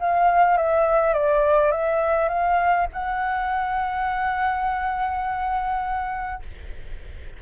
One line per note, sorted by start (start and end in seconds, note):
0.00 0.57 F5
0.57 1.14 E5
1.14 1.72 D5
1.72 2.29 E5
2.29 2.87 F5
2.93 6.42 F#5